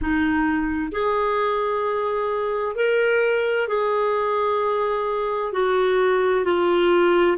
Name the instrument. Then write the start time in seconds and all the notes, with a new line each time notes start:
clarinet
0.01 D#4
0.91 G#4
2.75 A#4
3.68 G#4
5.52 F#4
6.44 F4